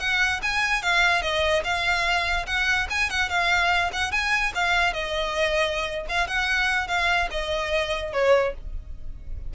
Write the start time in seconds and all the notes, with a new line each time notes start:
0.00 F#5
0.43 G#5
0.82 F5
1.22 D#5
1.64 F5
2.47 F#5
2.90 G#5
3.10 F#5
3.30 F5
3.93 F#5
4.12 G#5
4.55 F5
4.93 D#5
6.09 F5
6.27 F#5
6.88 F5
7.31 D#5
8.13 C#5